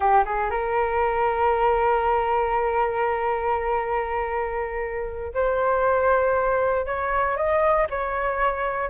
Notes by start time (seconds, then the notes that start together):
0.00 G4
0.25 G#4
0.50 A#4
5.34 C5
6.86 C#5
7.36 D#5
7.90 C#5